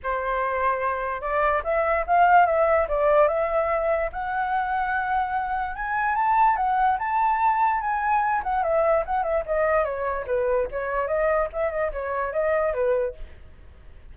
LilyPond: \new Staff \with { instrumentName = "flute" } { \time 4/4 \tempo 4 = 146 c''2. d''4 | e''4 f''4 e''4 d''4 | e''2 fis''2~ | fis''2 gis''4 a''4 |
fis''4 a''2 gis''4~ | gis''8 fis''8 e''4 fis''8 e''8 dis''4 | cis''4 b'4 cis''4 dis''4 | e''8 dis''8 cis''4 dis''4 b'4 | }